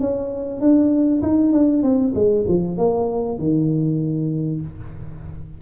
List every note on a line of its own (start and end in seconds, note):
0.00 0.60 C#4
0.60 1.22 D4
1.22 1.53 D#4
1.53 1.83 D4
1.83 2.13 C4
2.15 2.45 G#3
2.48 2.78 F3
2.78 3.39 A#3
3.39 4.61 D#3